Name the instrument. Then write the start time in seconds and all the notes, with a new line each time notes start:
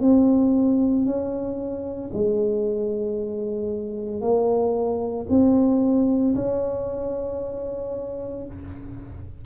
tuba
0.00 C4
1.05 C#4
2.13 G#3
4.21 A#3
5.29 C4
6.35 C#4